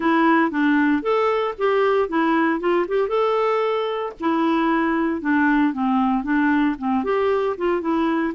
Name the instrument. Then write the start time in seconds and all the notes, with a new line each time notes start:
clarinet
0.00 E4
0.51 D4
1.02 A4
1.57 G4
2.08 E4
2.59 F4
2.88 G4
3.08 A4
4.20 E4
5.21 D4
5.73 C4
6.23 D4
6.78 C4
7.04 G4
7.57 F4
7.81 E4